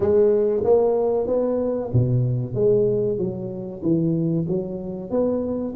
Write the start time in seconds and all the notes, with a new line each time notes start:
0.00 G#3
0.64 A#3
1.26 B3
1.92 B2
2.54 G#3
3.17 F#3
3.82 E3
4.47 F#3
5.10 B3